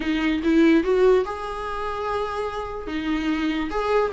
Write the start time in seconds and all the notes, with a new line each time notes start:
0.00 D#4
0.43 E4
0.83 F#4
1.25 G#4
2.87 D#4
3.70 G#4